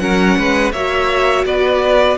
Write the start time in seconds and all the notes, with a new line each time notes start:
0.00 F#3 C#4 A#4 F#5
0.38 G#3 B4
0.73 A#3 F#4 C#5 E5
1.45 B3 B4 D5